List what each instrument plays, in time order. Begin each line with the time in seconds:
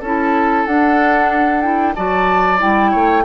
0.00 bassoon C#4, clarinet E4, oboe A4, flute A5
0.66 bassoon D4, clarinet D4, flute F#5
1.61 clarinet E4, flute G5
1.94 bassoon F#3, clarinet F#4, oboe D5, flute A5
2.58 bassoon G3, clarinet E4, flute G5
2.91 bassoon A3, oboe C#5